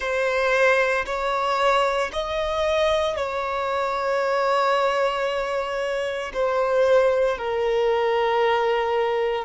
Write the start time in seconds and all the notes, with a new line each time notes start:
0.00 C5
1.05 C#5
2.12 D#5
3.16 C#5
6.33 C5
7.38 A#4